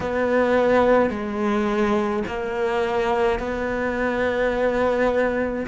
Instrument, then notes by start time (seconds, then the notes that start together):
cello
0.00 B3
1.10 G#3
2.26 A#3
3.39 B3